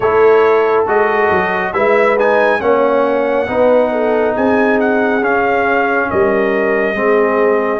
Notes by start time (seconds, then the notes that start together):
0.00 A3 E4 A4 C#5
0.86 G#3 F#4 D#5
1.30 F#3
1.73 G#3 E4 B4 E5
2.18 D#4 G#5
2.60 A#3 C#4 C#5 F#5
3.47 B3 D#4 B4
3.91 A4
4.34 C4 G#4 G#5
4.80 F#5
5.21 C#4 F5
6.10 G3 A#4 D#5
6.93 G#3 C4 G#4